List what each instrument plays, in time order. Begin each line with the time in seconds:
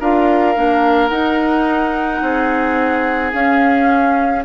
0.00 bassoon D4, clarinet F4, oboe A#4, flute F5
0.55 bassoon A#3, clarinet D4
1.09 bassoon D#4, clarinet D#4, flute F#5
2.22 bassoon C4, oboe G#4
3.33 clarinet C#4, bassoon C#4, flute F5